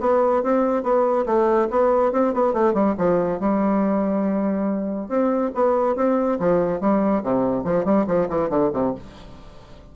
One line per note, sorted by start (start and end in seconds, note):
0.00 0.43 B3
0.43 0.83 C4
0.83 1.25 B3
1.26 1.68 A3
1.70 2.12 B3
2.12 2.33 C4
2.34 2.53 B3
2.53 2.74 A3
2.74 2.95 G3
2.97 3.39 F3
3.39 5.08 G3
5.08 5.51 C4
5.54 5.96 B3
5.96 6.38 C4
6.39 6.80 F3
6.80 7.23 G3
7.23 7.64 C3
7.64 7.85 F3
7.85 8.06 G3
8.07 8.28 F3
8.29 8.50 E3
8.50 8.71 D3
8.73 8.94 C3